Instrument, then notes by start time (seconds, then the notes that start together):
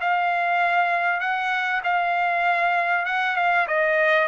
trumpet
0.00 F5
1.20 F#5
1.83 F5
3.05 F#5
3.36 F5
3.67 D#5